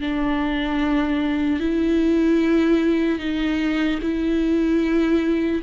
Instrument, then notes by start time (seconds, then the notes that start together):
viola
0.00 D4
1.60 E4
3.19 D#4
4.01 E4